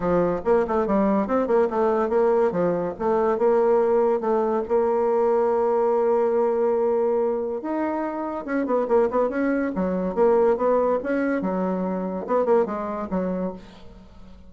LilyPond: \new Staff \with { instrumentName = "bassoon" } { \time 4/4 \tempo 4 = 142 f4 ais8 a8 g4 c'8 ais8 | a4 ais4 f4 a4 | ais2 a4 ais4~ | ais1~ |
ais2 dis'2 | cis'8 b8 ais8 b8 cis'4 fis4 | ais4 b4 cis'4 fis4~ | fis4 b8 ais8 gis4 fis4 | }